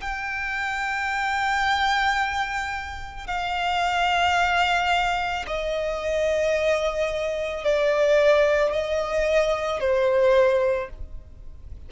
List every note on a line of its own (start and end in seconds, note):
0.00 3.27 G5
3.27 5.45 F5
5.47 7.64 D#5
7.64 8.72 D5
8.72 9.80 D#5
9.80 10.89 C5